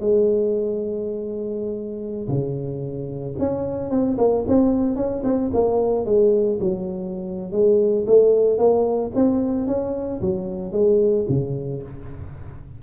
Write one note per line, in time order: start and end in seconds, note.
0.00 2.28 G#3
2.28 3.35 C#3
3.39 3.90 C#4
3.90 4.17 C4
4.18 4.45 A#3
4.48 4.96 C4
4.96 5.23 C#4
5.24 5.51 C4
5.53 6.05 A#3
6.05 6.59 G#3
6.60 7.51 F#3
7.51 8.05 G#3
8.06 8.58 A3
8.58 9.11 A#3
9.15 9.67 C4
9.67 10.21 C#4
10.21 10.72 F#3
10.72 11.26 G#3
11.29 11.82 C#3